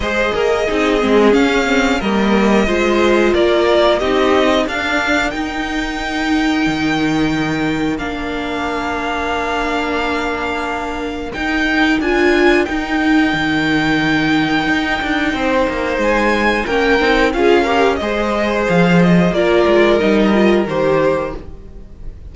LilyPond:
<<
  \new Staff \with { instrumentName = "violin" } { \time 4/4 \tempo 4 = 90 dis''2 f''4 dis''4~ | dis''4 d''4 dis''4 f''4 | g''1 | f''1~ |
f''4 g''4 gis''4 g''4~ | g''1 | gis''4 g''4 f''4 dis''4 | f''8 dis''8 d''4 dis''4 c''4 | }
  \new Staff \with { instrumentName = "violin" } { \time 4/4 c''8 ais'8 gis'2 ais'4 | c''4 ais'4 g'4 ais'4~ | ais'1~ | ais'1~ |
ais'1~ | ais'2. c''4~ | c''4 ais'4 gis'8 ais'8 c''4~ | c''4 ais'2. | }
  \new Staff \with { instrumentName = "viola" } { \time 4/4 gis'4 dis'8 c'8 cis'8 c'8 ais4 | f'2 dis'4 d'4 | dis'1 | d'1~ |
d'4 dis'4 f'4 dis'4~ | dis'1~ | dis'4 cis'8 dis'8 f'8 g'8 gis'4~ | gis'4 f'4 dis'8 f'8 g'4 | }
  \new Staff \with { instrumentName = "cello" } { \time 4/4 gis8 ais8 c'8 gis8 cis'4 g4 | gis4 ais4 c'4 d'4 | dis'2 dis2 | ais1~ |
ais4 dis'4 d'4 dis'4 | dis2 dis'8 d'8 c'8 ais8 | gis4 ais8 c'8 cis'4 gis4 | f4 ais8 gis8 g4 dis4 | }
>>